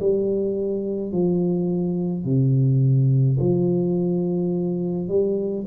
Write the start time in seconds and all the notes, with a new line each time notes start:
0.00 G3
1.12 F3
2.25 C3
3.40 F3
5.09 G3